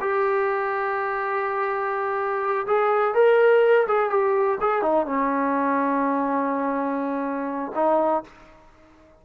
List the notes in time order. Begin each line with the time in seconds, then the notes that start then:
0.00 G4
2.67 G#4
3.14 A#4
3.87 G#4
4.10 G4
4.61 G#4
4.82 D#4
5.06 C#4
7.75 D#4